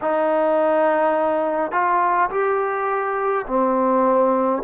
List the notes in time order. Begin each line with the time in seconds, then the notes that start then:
0.01 D#4
1.72 F4
2.30 G4
3.47 C4